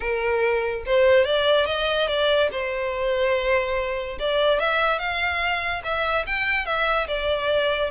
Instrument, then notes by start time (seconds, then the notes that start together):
violin
0.00 A#4
0.86 C5
1.24 D5
1.66 D#5
2.07 D5
2.51 C5
4.19 D5
4.59 E5
4.98 F5
5.84 E5
6.26 G5
6.65 E5
7.07 D5